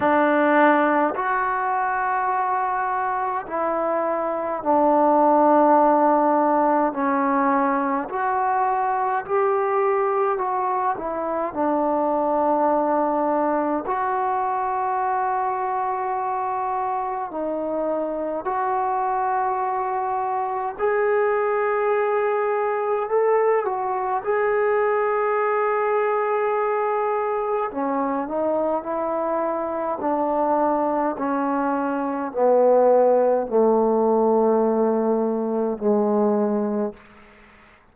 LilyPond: \new Staff \with { instrumentName = "trombone" } { \time 4/4 \tempo 4 = 52 d'4 fis'2 e'4 | d'2 cis'4 fis'4 | g'4 fis'8 e'8 d'2 | fis'2. dis'4 |
fis'2 gis'2 | a'8 fis'8 gis'2. | cis'8 dis'8 e'4 d'4 cis'4 | b4 a2 gis4 | }